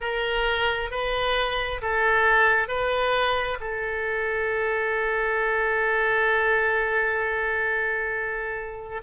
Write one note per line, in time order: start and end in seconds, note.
0.01 0.90 A#4
0.90 1.81 B4
1.81 2.68 A4
2.68 3.58 B4
3.60 9.01 A4